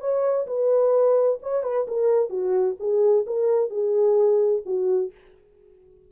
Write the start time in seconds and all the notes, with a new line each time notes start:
0.00 C#5
0.46 B4
1.42 C#5
1.63 B4
1.87 A#4
2.29 F#4
2.79 G#4
3.26 A#4
3.70 G#4
4.65 F#4